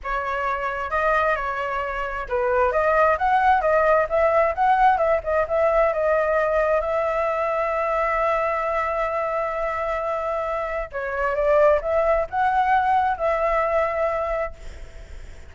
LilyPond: \new Staff \with { instrumentName = "flute" } { \time 4/4 \tempo 4 = 132 cis''2 dis''4 cis''4~ | cis''4 b'4 dis''4 fis''4 | dis''4 e''4 fis''4 e''8 dis''8 | e''4 dis''2 e''4~ |
e''1~ | e''1 | cis''4 d''4 e''4 fis''4~ | fis''4 e''2. | }